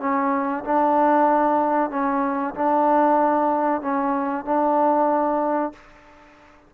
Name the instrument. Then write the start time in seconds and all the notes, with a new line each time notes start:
trombone
0.00 C#4
0.65 D4
1.91 C#4
2.55 D4
3.82 C#4
4.45 D4